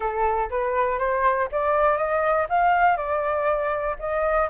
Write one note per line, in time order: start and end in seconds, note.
0.00 0.49 A4
0.50 0.98 B4
0.98 1.48 C5
1.51 1.97 D5
1.97 2.46 D#5
2.49 2.96 F5
2.96 3.96 D5
3.99 4.48 D#5